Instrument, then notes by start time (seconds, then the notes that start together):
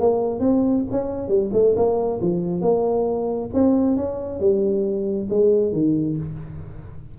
tuba
0.00 A#3
0.40 C4
0.92 C#4
1.28 G3
1.53 A3
1.76 A#3
2.22 F3
2.62 A#3
3.54 C4
3.97 C#4
4.40 G3
5.30 G#3
5.73 D#3